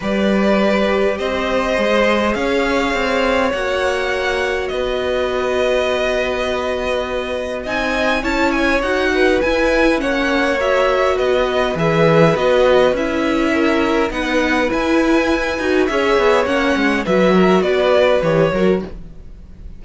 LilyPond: <<
  \new Staff \with { instrumentName = "violin" } { \time 4/4 \tempo 4 = 102 d''2 dis''2 | f''2 fis''2 | dis''1~ | dis''4 gis''4 a''8 gis''8 fis''4 |
gis''4 fis''4 e''4 dis''4 | e''4 dis''4 e''2 | fis''4 gis''2 e''4 | fis''4 e''4 d''4 cis''4 | }
  \new Staff \with { instrumentName = "violin" } { \time 4/4 b'2 c''2 | cis''1 | b'1~ | b'4 dis''4 cis''4. b'8~ |
b'4 cis''2 b'4~ | b'2. ais'4 | b'2. cis''4~ | cis''4 b'8 ais'8 b'4. ais'8 | }
  \new Staff \with { instrumentName = "viola" } { \time 4/4 g'2. gis'4~ | gis'2 fis'2~ | fis'1~ | fis'4 dis'4 e'4 fis'4 |
e'4 cis'4 fis'2 | gis'4 fis'4 e'2 | dis'4 e'4. fis'8 gis'4 | cis'4 fis'2 g'8 fis'8 | }
  \new Staff \with { instrumentName = "cello" } { \time 4/4 g2 c'4 gis4 | cis'4 c'4 ais2 | b1~ | b4 c'4 cis'4 dis'4 |
e'4 ais2 b4 | e4 b4 cis'2 | b4 e'4. dis'8 cis'8 b8 | ais8 gis8 fis4 b4 e8 fis8 | }
>>